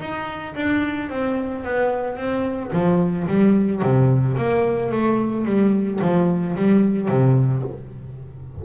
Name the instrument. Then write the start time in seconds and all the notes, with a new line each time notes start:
double bass
0.00 D#4
0.55 D4
1.10 C4
1.64 B3
2.17 C4
2.73 F3
3.28 G3
3.82 C3
4.37 A#3
4.92 A3
5.45 G3
6.01 F3
6.56 G3
7.08 C3